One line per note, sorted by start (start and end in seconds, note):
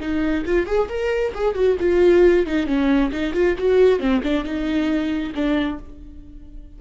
0.00 0.44 D#4
0.45 0.66 F4
0.66 0.88 G#4
0.88 1.33 A#4
1.34 1.55 G#4
1.55 1.77 F#4
1.80 2.46 F4
2.46 2.66 D#4
2.66 3.11 C#4
3.12 3.33 D#4
3.33 3.55 F4
3.58 3.99 F#4
3.99 4.22 C4
4.23 4.44 D4
4.44 5.33 D#4
5.34 5.79 D4